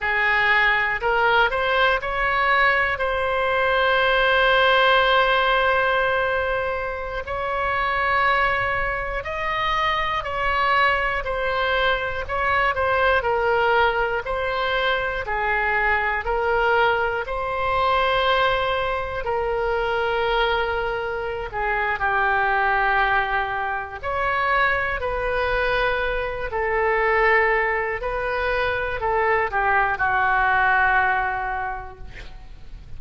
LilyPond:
\new Staff \with { instrumentName = "oboe" } { \time 4/4 \tempo 4 = 60 gis'4 ais'8 c''8 cis''4 c''4~ | c''2.~ c''16 cis''8.~ | cis''4~ cis''16 dis''4 cis''4 c''8.~ | c''16 cis''8 c''8 ais'4 c''4 gis'8.~ |
gis'16 ais'4 c''2 ais'8.~ | ais'4. gis'8 g'2 | cis''4 b'4. a'4. | b'4 a'8 g'8 fis'2 | }